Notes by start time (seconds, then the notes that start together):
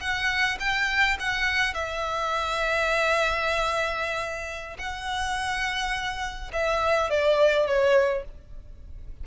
0.00 F#5
0.59 G5
1.19 F#5
1.74 E5
4.78 F#5
6.52 E5
7.10 D5
7.67 C#5